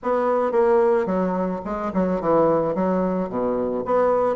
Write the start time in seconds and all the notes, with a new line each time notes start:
0.02 B3
0.51 A#3
1.05 F#3
1.64 G#3
1.93 F#3
2.20 E3
2.74 F#3
3.29 B2
3.85 B3